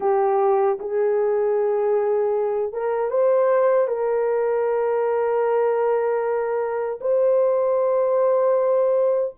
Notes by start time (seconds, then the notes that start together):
0.00 G4
0.79 G#4
2.72 A#4
3.10 C5
3.87 A#4
7.00 C5